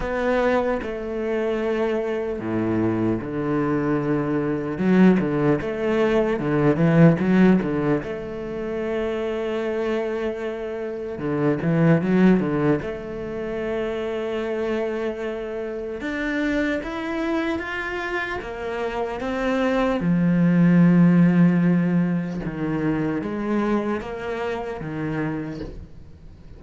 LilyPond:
\new Staff \with { instrumentName = "cello" } { \time 4/4 \tempo 4 = 75 b4 a2 a,4 | d2 fis8 d8 a4 | d8 e8 fis8 d8 a2~ | a2 d8 e8 fis8 d8 |
a1 | d'4 e'4 f'4 ais4 | c'4 f2. | dis4 gis4 ais4 dis4 | }